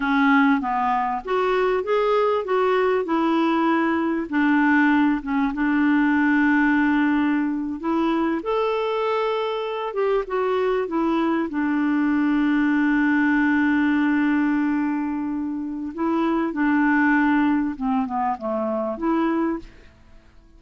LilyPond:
\new Staff \with { instrumentName = "clarinet" } { \time 4/4 \tempo 4 = 98 cis'4 b4 fis'4 gis'4 | fis'4 e'2 d'4~ | d'8 cis'8 d'2.~ | d'8. e'4 a'2~ a'16~ |
a'16 g'8 fis'4 e'4 d'4~ d'16~ | d'1~ | d'2 e'4 d'4~ | d'4 c'8 b8 a4 e'4 | }